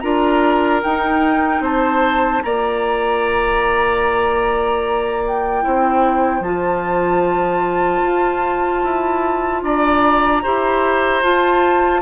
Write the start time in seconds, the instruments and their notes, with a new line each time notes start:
0.00 bassoon D4, clarinet F4, oboe A#4, flute A#5
0.83 bassoon D#4, clarinet D#4, flute G5
1.61 bassoon C4, oboe C5, flute A5
2.43 bassoon A#3, clarinet F4, oboe D5, flute A#5
5.27 flute G5
5.61 bassoon C4, clarinet E4, oboe C5
6.40 bassoon F3, clarinet F4, flute A5
8.03 bassoon F4
8.83 bassoon E4
9.63 bassoon D4, oboe D5, flute A#5
10.43 bassoon E4, clarinet G4, oboe C5
11.23 bassoon F4, clarinet F4, flute A5